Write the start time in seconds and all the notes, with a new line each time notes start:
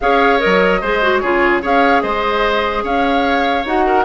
0.00 C#4 G#4 C#5 F5
0.39 A#4 D#5
0.45 F#3
0.81 G#3 G#4 C5
1.02 F#4
1.18 C#3 F4 G#4 C#5
1.61 C#4 G#4 C#5 F5
2.01 G#3 C5 D#5
2.83 C#4 C#5 F5
3.65 D#4 F#4 F#5
3.85 A#4